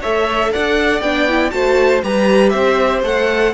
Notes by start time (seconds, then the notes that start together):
0.00 A3 A4 C#5 E5
0.52 D4 D5 F#5
1.01 B3 D4 G5
1.28 E4
1.50 A3 F#4 C5 A5
2.04 G3 G4 B4 A#5
2.49 C4 C5 E5
3.02 A3 A4 F#5